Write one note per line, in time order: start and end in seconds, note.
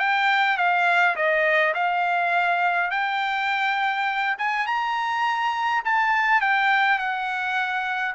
0.00 0.58 G5
0.58 1.16 F5
1.16 1.74 D#5
1.74 2.91 F5
2.91 4.37 G5
4.39 4.67 G#5
4.67 5.83 A#5
5.85 6.41 A5
6.41 6.99 G5
6.99 8.15 F#5